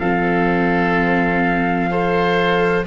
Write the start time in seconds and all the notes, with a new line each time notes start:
0.00 F3 C4 A4 F5
1.91 A4 C5